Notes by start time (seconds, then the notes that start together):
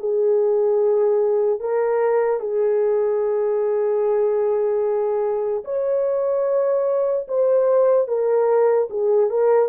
0.00 G#4
1.60 A#4
2.40 G#4
5.65 C#5
7.29 C5
8.08 A#4
8.90 G#4
9.31 A#4